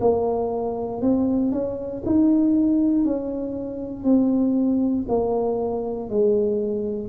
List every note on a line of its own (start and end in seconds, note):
0.00 1.01 A#3
1.01 1.52 C4
1.52 2.02 C#4
2.05 3.05 D#4
3.05 4.04 C#4
4.04 5.06 C4
5.08 6.09 A#3
6.09 7.08 G#3